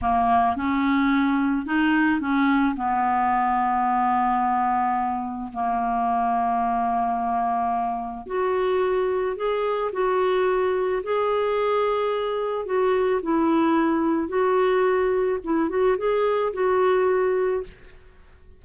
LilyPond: \new Staff \with { instrumentName = "clarinet" } { \time 4/4 \tempo 4 = 109 ais4 cis'2 dis'4 | cis'4 b2.~ | b2 ais2~ | ais2. fis'4~ |
fis'4 gis'4 fis'2 | gis'2. fis'4 | e'2 fis'2 | e'8 fis'8 gis'4 fis'2 | }